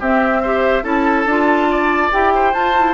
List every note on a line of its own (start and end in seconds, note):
0.00 0.84 C4
0.00 0.44 C4
0.00 0.42 G4
0.00 0.84 E5
0.43 0.84 G4
0.43 0.84 C5
0.84 1.26 C#4
0.84 1.26 E4
0.84 1.68 A4
0.84 2.11 A5
1.26 2.10 D4
1.26 2.12 F4
1.71 2.35 D5
2.12 2.54 E4
2.12 2.54 G4
2.12 2.54 G5
2.35 2.94 C5
2.54 2.75 F4
2.54 2.94 F4
2.54 2.94 A5
2.78 2.94 E4